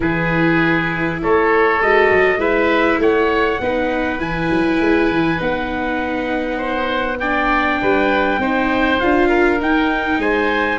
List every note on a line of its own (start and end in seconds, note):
0.00 1.18 E3
0.00 1.79 E4
0.00 1.21 G#4
0.00 1.20 B4
1.22 1.81 A3
1.22 2.39 A4
1.22 1.81 C#5
1.81 2.10 G#3
1.81 2.39 F#4
1.81 2.40 D#5
2.10 2.36 F#3
2.36 2.96 G#3
2.36 3.59 E4
2.36 2.99 B4
2.36 3.00 E5
2.98 3.58 A3
2.98 3.61 C#5
2.98 4.20 F#5
3.60 4.19 B3
3.60 4.19 D#4
3.60 6.57 B4
4.19 4.49 E3
4.19 5.37 E4
4.19 5.40 G#5
4.50 4.80 F#3
4.80 5.09 G#3
5.09 5.39 E3
5.37 7.80 B3
5.37 7.17 D#4
5.37 7.19 F#5
6.57 7.17 C5
7.19 8.40 D4
7.19 7.80 D5
7.19 8.99 G5
7.81 8.38 G3
7.81 8.40 B4
8.38 8.98 C4
8.38 9.00 D#4
8.38 9.29 C5
8.99 9.61 D4
8.99 9.59 F4
8.99 9.59 F5
9.29 10.19 A#4
9.59 10.78 D#4
9.59 10.18 D#4
9.59 10.20 G5
10.18 10.78 G#3
10.18 10.78 C5
10.18 10.78 G#5